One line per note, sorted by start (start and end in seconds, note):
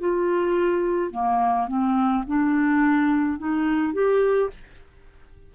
0.00 1.11 F4
1.11 1.68 A#3
1.68 2.24 C4
2.27 3.39 D4
3.39 3.94 D#4
3.94 4.50 G4